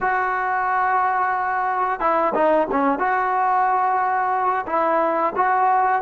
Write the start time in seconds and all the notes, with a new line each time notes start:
0.01 F#4
2.00 E4
2.34 D#4
2.71 C#4
2.98 F#4
4.66 E4
5.35 F#4